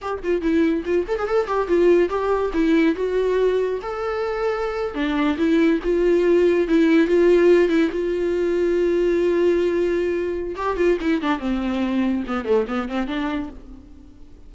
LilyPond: \new Staff \with { instrumentName = "viola" } { \time 4/4 \tempo 4 = 142 g'8 f'8 e'4 f'8 a'16 gis'16 a'8 g'8 | f'4 g'4 e'4 fis'4~ | fis'4 a'2~ a'8. d'16~ | d'8. e'4 f'2 e'16~ |
e'8. f'4. e'8 f'4~ f'16~ | f'1~ | f'4 g'8 f'8 e'8 d'8 c'4~ | c'4 b8 a8 b8 c'8 d'4 | }